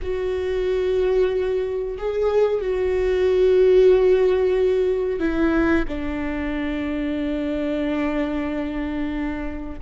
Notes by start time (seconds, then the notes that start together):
0.02 F#4
1.97 G#4
2.61 F#4
5.19 E4
5.88 D4